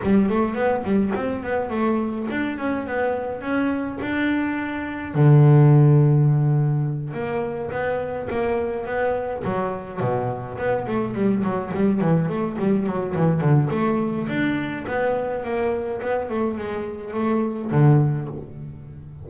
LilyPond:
\new Staff \with { instrumentName = "double bass" } { \time 4/4 \tempo 4 = 105 g8 a8 b8 g8 c'8 b8 a4 | d'8 cis'8 b4 cis'4 d'4~ | d'4 d2.~ | d8 ais4 b4 ais4 b8~ |
b8 fis4 b,4 b8 a8 g8 | fis8 g8 e8 a8 g8 fis8 e8 d8 | a4 d'4 b4 ais4 | b8 a8 gis4 a4 d4 | }